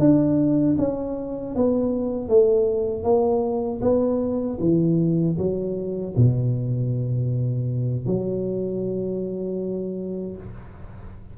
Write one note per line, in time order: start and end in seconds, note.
0.00 0.77 D4
0.79 1.56 C#4
1.56 2.29 B3
2.29 3.04 A3
3.04 3.81 A#3
3.82 4.59 B3
4.61 5.38 E3
5.38 6.15 F#3
6.17 8.07 B2
8.07 10.37 F#3